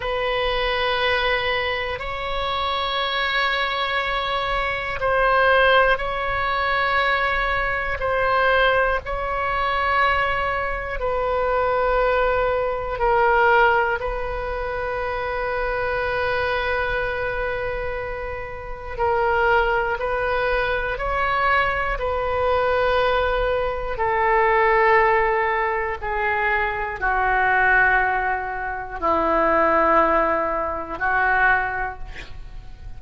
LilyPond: \new Staff \with { instrumentName = "oboe" } { \time 4/4 \tempo 4 = 60 b'2 cis''2~ | cis''4 c''4 cis''2 | c''4 cis''2 b'4~ | b'4 ais'4 b'2~ |
b'2. ais'4 | b'4 cis''4 b'2 | a'2 gis'4 fis'4~ | fis'4 e'2 fis'4 | }